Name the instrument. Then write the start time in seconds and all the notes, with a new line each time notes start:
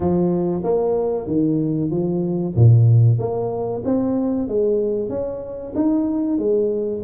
tuba
0.00 F3
0.63 A#3
1.26 D#3
1.91 F3
2.55 A#2
3.19 A#3
3.84 C4
4.48 G#3
5.09 C#4
5.75 D#4
6.38 G#3